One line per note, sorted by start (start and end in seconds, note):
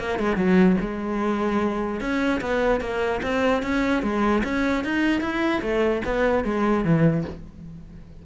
0.00 0.20 A#3
0.20 0.37 G#3
0.37 0.77 F#3
0.81 2.01 G#3
2.01 2.41 C#4
2.42 2.81 B3
2.81 3.21 A#3
3.23 3.63 C4
3.63 4.03 C#4
4.03 4.43 G#3
4.44 4.85 C#4
4.85 5.21 D#4
5.21 5.62 E4
5.62 6.02 A3
6.06 6.45 B3
6.45 6.85 G#3
6.85 7.25 E3